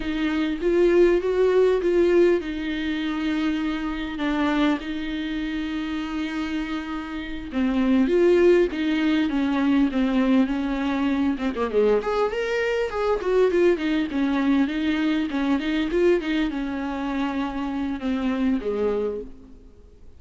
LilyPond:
\new Staff \with { instrumentName = "viola" } { \time 4/4 \tempo 4 = 100 dis'4 f'4 fis'4 f'4 | dis'2. d'4 | dis'1~ | dis'8 c'4 f'4 dis'4 cis'8~ |
cis'8 c'4 cis'4. c'16 ais16 gis8 | gis'8 ais'4 gis'8 fis'8 f'8 dis'8 cis'8~ | cis'8 dis'4 cis'8 dis'8 f'8 dis'8 cis'8~ | cis'2 c'4 gis4 | }